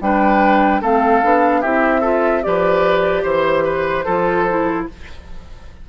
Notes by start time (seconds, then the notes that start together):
0.00 G3 D4 B4 G5
0.81 A3 C4 A4 F5
1.23 B3 D4
1.61 C4 E4 G4 E5
2.01 F4 A4
2.42 F3 G4 B4 D5
3.23 E3 C5
3.64 B4
4.05 F3 F4 A4
4.48 E4